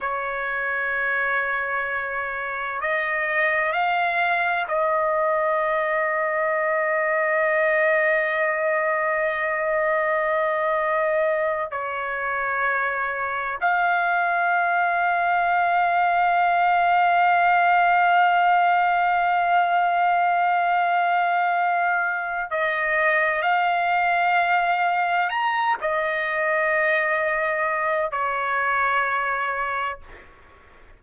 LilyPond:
\new Staff \with { instrumentName = "trumpet" } { \time 4/4 \tempo 4 = 64 cis''2. dis''4 | f''4 dis''2.~ | dis''1~ | dis''8 cis''2 f''4.~ |
f''1~ | f''1 | dis''4 f''2 ais''8 dis''8~ | dis''2 cis''2 | }